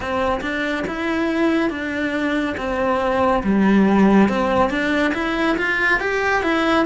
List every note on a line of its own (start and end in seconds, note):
0.00 0.41 C4
0.41 0.84 D4
0.87 1.69 E4
1.69 2.55 D4
2.57 3.42 C4
3.43 4.29 G3
4.29 4.69 C4
4.69 5.12 D4
5.14 5.57 E4
5.57 6.00 F4
6.00 6.42 G4
6.42 6.85 E4